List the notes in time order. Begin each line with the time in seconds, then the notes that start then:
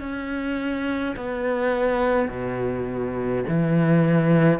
0.00 C#4
1.16 B3
2.28 B2
3.48 E3